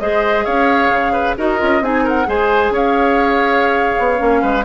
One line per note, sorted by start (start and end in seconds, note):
0.00 0.46 G#3
0.00 1.38 G#4
0.00 0.45 C5
0.00 0.45 D#5
0.45 0.89 C#4
0.45 1.13 C#5
0.45 1.36 F5
0.89 1.35 C#3
1.13 1.36 B4
1.38 1.61 D#4
1.38 1.59 F#4
1.38 1.83 A#4
1.38 1.84 D#5
1.59 1.81 C#4
1.59 1.82 F4
1.81 2.26 C4
1.81 2.26 D#4
1.81 2.04 G#4
1.81 2.07 G#5
2.04 2.27 A#4
2.04 2.29 F#5
2.26 2.70 G#3
2.26 4.18 G#4
2.26 2.73 C5
2.26 2.75 G#5
2.70 3.95 C#4
2.70 4.42 C#5
2.70 4.65 F5
3.99 4.21 B3
4.18 4.43 A#3
4.18 4.63 C#4
4.42 4.65 G#3
4.42 4.65 B4